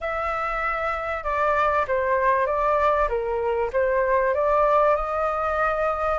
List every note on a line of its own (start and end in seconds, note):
0.01 1.23 E5
1.23 1.85 D5
1.87 2.46 C5
2.46 3.08 D5
3.08 3.70 A#4
3.73 4.34 C5
4.34 4.95 D5
4.95 6.19 D#5